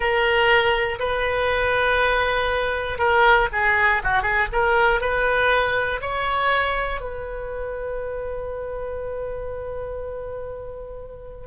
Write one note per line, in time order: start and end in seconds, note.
0.00 0.98 A#4
0.99 2.98 B4
2.98 3.48 A#4
3.52 4.02 G#4
4.03 4.22 F#4
4.22 4.47 G#4
4.52 5.00 A#4
5.00 6.00 B4
6.01 7.00 C#5
7.00 11.47 B4